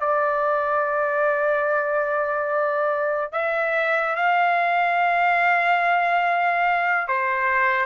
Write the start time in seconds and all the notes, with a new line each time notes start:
0.00 D5
3.32 E5
4.16 F5
7.08 C5